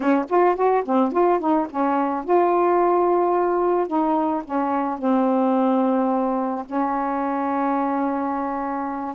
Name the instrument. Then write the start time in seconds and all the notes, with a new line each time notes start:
saxophone
0.00 C#4
0.29 F4
0.55 F#4
0.85 C4
1.12 F4
1.39 D#4
1.70 C#4
2.24 F4
3.87 D#4
4.44 C#4
4.98 C4
6.65 C#4